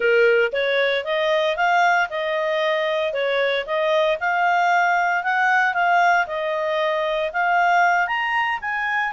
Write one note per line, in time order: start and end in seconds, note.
0.00 0.52 A#4
0.52 1.04 C#5
1.04 1.56 D#5
1.56 2.08 F5
2.09 3.13 D#5
3.13 3.65 C#5
3.65 4.18 D#5
4.20 5.23 F5
5.23 5.74 F#5
5.74 6.26 F5
6.26 7.31 D#5
7.32 8.07 F5
8.07 8.59 A#5
8.61 9.12 G#5